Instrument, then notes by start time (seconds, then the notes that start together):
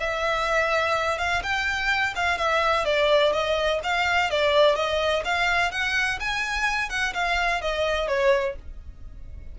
violin
0.00 E5
1.19 F5
1.43 G5
2.16 F5
2.38 E5
2.85 D5
3.33 D#5
3.84 F5
4.31 D5
4.76 D#5
5.25 F5
5.72 F#5
6.20 G#5
6.90 F#5
7.14 F5
7.62 D#5
8.08 C#5